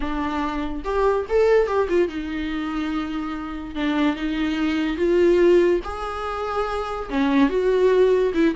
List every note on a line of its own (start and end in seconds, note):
0.00 0.82 D4
0.84 1.26 G4
1.29 1.67 A4
1.67 1.88 G4
1.88 2.08 F4
2.08 3.75 D#4
3.75 4.16 D4
4.16 4.97 D#4
4.97 5.80 F4
5.84 7.09 G#4
7.09 7.49 C#4
7.49 8.32 F#4
8.34 8.55 E4